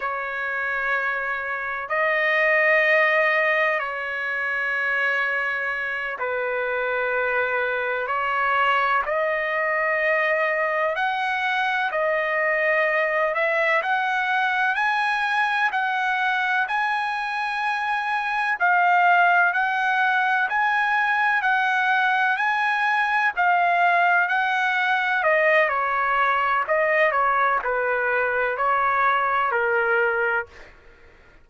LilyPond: \new Staff \with { instrumentName = "trumpet" } { \time 4/4 \tempo 4 = 63 cis''2 dis''2 | cis''2~ cis''8 b'4.~ | b'8 cis''4 dis''2 fis''8~ | fis''8 dis''4. e''8 fis''4 gis''8~ |
gis''8 fis''4 gis''2 f''8~ | f''8 fis''4 gis''4 fis''4 gis''8~ | gis''8 f''4 fis''4 dis''8 cis''4 | dis''8 cis''8 b'4 cis''4 ais'4 | }